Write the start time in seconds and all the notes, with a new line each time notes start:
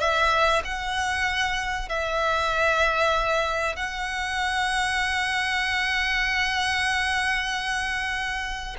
0.00 E5
0.64 F#5
1.89 E5
3.76 F#5